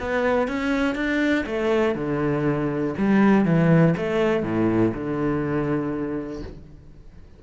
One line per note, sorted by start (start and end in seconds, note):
0.00 0.48 B3
0.48 0.95 C#4
0.95 1.45 D4
1.46 1.95 A3
1.95 2.94 D3
2.98 3.45 G3
3.45 3.94 E3
3.97 4.43 A3
4.43 4.93 A2
4.94 6.43 D3